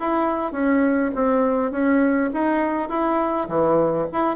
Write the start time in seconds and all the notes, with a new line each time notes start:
0.00 E4
0.52 C#4
1.16 C4
1.72 C#4
2.34 D#4
2.89 E4
3.49 E3
4.13 E4